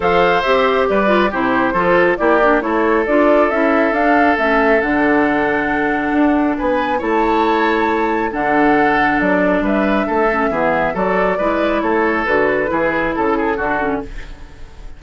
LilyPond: <<
  \new Staff \with { instrumentName = "flute" } { \time 4/4 \tempo 4 = 137 f''4 e''4 d''4 c''4~ | c''4 d''4 cis''4 d''4 | e''4 f''4 e''4 fis''4~ | fis''2. gis''4 |
a''2. fis''4~ | fis''4 d''4 e''2~ | e''4 d''2 cis''4 | b'2 a'2 | }
  \new Staff \with { instrumentName = "oboe" } { \time 4/4 c''2 b'4 g'4 | a'4 g'4 a'2~ | a'1~ | a'2. b'4 |
cis''2. a'4~ | a'2 b'4 a'4 | gis'4 a'4 b'4 a'4~ | a'4 gis'4 a'8 gis'8 fis'4 | }
  \new Staff \with { instrumentName = "clarinet" } { \time 4/4 a'4 g'4. f'8 e'4 | f'4 e'8 d'8 e'4 f'4 | e'4 d'4 cis'4 d'4~ | d'1 |
e'2. d'4~ | d'2.~ d'8 cis'8 | b4 fis'4 e'2 | fis'4 e'2 d'8 cis'8 | }
  \new Staff \with { instrumentName = "bassoon" } { \time 4/4 f4 c'4 g4 c4 | f4 ais4 a4 d'4 | cis'4 d'4 a4 d4~ | d2 d'4 b4 |
a2. d4~ | d4 fis4 g4 a4 | e4 fis4 gis4 a4 | d4 e4 cis4 d4 | }
>>